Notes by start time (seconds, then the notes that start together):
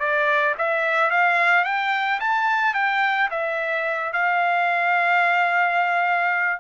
0.00 D5
0.58 E5
1.11 F5
1.65 G5
2.20 A5
2.74 G5
3.31 E5
4.13 F5